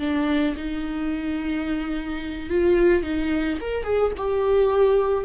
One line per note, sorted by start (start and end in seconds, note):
0.00 0.56 D4
0.57 2.50 D#4
2.50 3.03 F4
3.03 3.59 D#4
3.61 3.84 A#4
3.84 4.12 G#4
4.18 5.25 G4